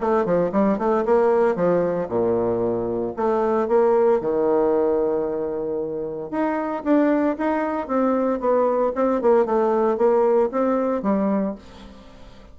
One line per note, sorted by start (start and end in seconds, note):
0.00 0.25 A3
0.25 0.51 F3
0.52 0.78 G3
0.78 1.05 A3
1.05 1.55 A#3
1.55 2.08 F3
2.09 3.14 A#2
3.17 3.68 A3
3.68 4.21 A#3
4.21 6.30 D#3
6.30 6.83 D#4
6.84 7.36 D4
7.38 7.87 D#4
7.87 8.40 C4
8.40 8.92 B3
8.95 9.21 C4
9.21 9.45 A#3
9.45 9.97 A3
9.97 10.50 A#3
10.51 11.02 C4
11.02 11.55 G3